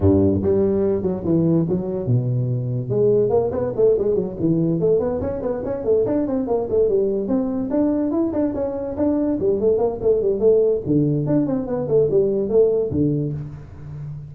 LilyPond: \new Staff \with { instrumentName = "tuba" } { \time 4/4 \tempo 4 = 144 g,4 g4. fis8 e4 | fis4 b,2 gis4 | ais8 b8 a8 gis8 fis8 e4 a8 | b8 cis'8 b8 cis'8 a8 d'8 c'8 ais8 |
a8 g4 c'4 d'4 e'8 | d'8 cis'4 d'4 g8 a8 ais8 | a8 g8 a4 d4 d'8 c'8 | b8 a8 g4 a4 d4 | }